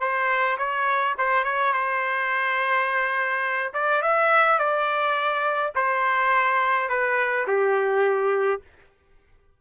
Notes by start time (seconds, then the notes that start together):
0.00 C5
0.57 C#5
1.18 C5
1.44 C#5
1.73 C5
3.74 D5
4.02 E5
4.58 D5
5.75 C5
6.89 B4
7.47 G4